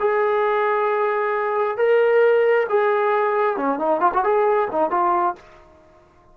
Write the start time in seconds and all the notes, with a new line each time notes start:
0.00 G#4
1.77 A#4
2.69 G#4
3.57 C#4
3.79 D#4
4.01 F4
4.14 F#4
4.24 G#4
4.72 D#4
4.91 F4